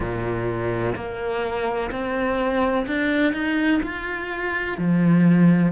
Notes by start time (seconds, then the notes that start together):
0.00 A#2
0.95 A#3
1.91 C4
2.86 D4
3.33 D#4
3.82 F4
4.77 F3